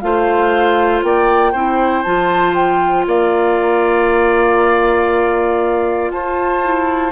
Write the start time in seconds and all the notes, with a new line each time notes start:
0.00 A3 F4 C5 F5
1.03 A#3 D5 G5
1.52 C4 E4 C5
2.03 F3 F4 A5
2.55 G5
3.06 A#3 D5 F5
6.11 F4 C5 A5
6.63 E4